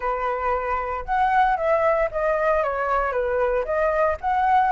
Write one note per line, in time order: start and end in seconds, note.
0.00 1.04 B4
1.05 1.57 F#5
1.57 2.09 E5
2.11 2.63 D#5
2.63 3.12 C#5
3.12 3.64 B4
3.64 4.16 D#5
4.20 4.71 F#5